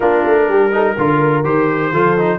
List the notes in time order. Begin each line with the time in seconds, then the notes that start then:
0.00 A#3 D4 F4 A#4
0.24 A3
0.48 G3 G4
0.72 D#4 A4
0.97 D3 F4 A#4
1.44 D#3 G4 C5
1.92 F3 F4 A4
2.18 D#4